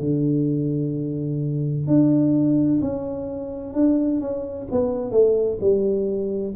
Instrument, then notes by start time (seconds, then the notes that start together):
tuba
0.00 D3
1.87 D4
2.82 C#4
3.74 D4
4.21 C#4
4.71 B3
5.12 A3
5.61 G3